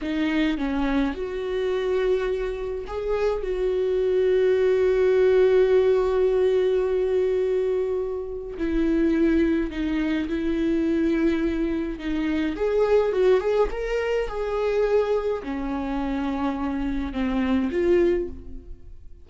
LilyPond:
\new Staff \with { instrumentName = "viola" } { \time 4/4 \tempo 4 = 105 dis'4 cis'4 fis'2~ | fis'4 gis'4 fis'2~ | fis'1~ | fis'2. e'4~ |
e'4 dis'4 e'2~ | e'4 dis'4 gis'4 fis'8 gis'8 | ais'4 gis'2 cis'4~ | cis'2 c'4 f'4 | }